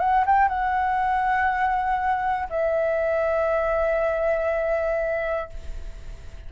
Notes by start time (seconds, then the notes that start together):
0.00 F#5
0.26 G5
0.49 F#5
2.50 E5